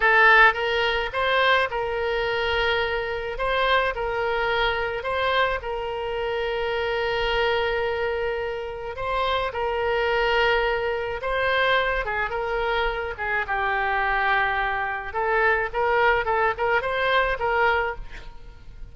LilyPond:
\new Staff \with { instrumentName = "oboe" } { \time 4/4 \tempo 4 = 107 a'4 ais'4 c''4 ais'4~ | ais'2 c''4 ais'4~ | ais'4 c''4 ais'2~ | ais'1 |
c''4 ais'2. | c''4. gis'8 ais'4. gis'8 | g'2. a'4 | ais'4 a'8 ais'8 c''4 ais'4 | }